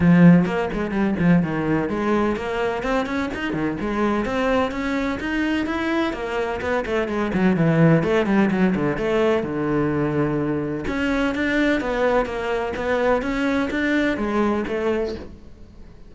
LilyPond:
\new Staff \with { instrumentName = "cello" } { \time 4/4 \tempo 4 = 127 f4 ais8 gis8 g8 f8 dis4 | gis4 ais4 c'8 cis'8 dis'8 dis8 | gis4 c'4 cis'4 dis'4 | e'4 ais4 b8 a8 gis8 fis8 |
e4 a8 g8 fis8 d8 a4 | d2. cis'4 | d'4 b4 ais4 b4 | cis'4 d'4 gis4 a4 | }